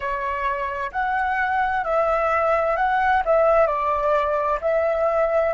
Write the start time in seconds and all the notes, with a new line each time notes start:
0.00 C#5
0.92 F#5
1.84 E5
2.76 F#5
3.25 E5
3.67 D5
4.61 E5